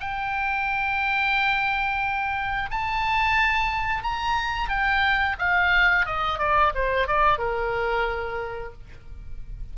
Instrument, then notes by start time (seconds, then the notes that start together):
oboe
0.00 G5
2.70 A5
4.03 A#5
4.69 G5
5.38 F5
6.06 D#5
6.39 D5
6.74 C5
7.08 D5
7.38 A#4